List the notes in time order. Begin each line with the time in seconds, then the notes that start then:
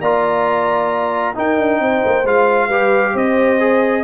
0.00 A#3 F4 D5 A#5
1.34 D#4 A#4 G5
1.58 D4
1.79 C4 C5
2.05 A#3
2.24 G#3 F4 F5
2.68 G3 G4 B4
3.13 C4 C5 D#5
3.59 G#4